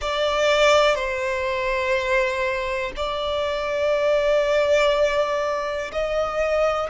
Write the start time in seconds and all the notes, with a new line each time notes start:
0.01 D5
0.95 C5
2.96 D5
5.92 D#5